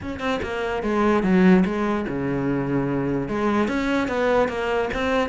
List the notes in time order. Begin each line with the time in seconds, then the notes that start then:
0.01 C#4
0.19 C4
0.42 A#3
0.82 G#3
1.23 F#3
1.65 G#3
2.08 C#3
3.28 G#3
3.67 C#4
4.08 B3
4.48 A#3
4.93 C4